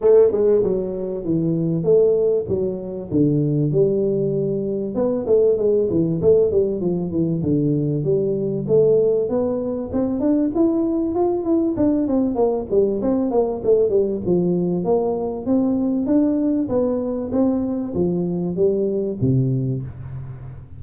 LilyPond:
\new Staff \with { instrumentName = "tuba" } { \time 4/4 \tempo 4 = 97 a8 gis8 fis4 e4 a4 | fis4 d4 g2 | b8 a8 gis8 e8 a8 g8 f8 e8 | d4 g4 a4 b4 |
c'8 d'8 e'4 f'8 e'8 d'8 c'8 | ais8 g8 c'8 ais8 a8 g8 f4 | ais4 c'4 d'4 b4 | c'4 f4 g4 c4 | }